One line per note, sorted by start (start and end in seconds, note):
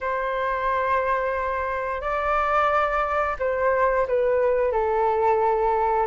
0.01 2.01 C5
2.01 3.36 D5
3.39 4.06 C5
4.07 4.72 B4
4.72 6.06 A4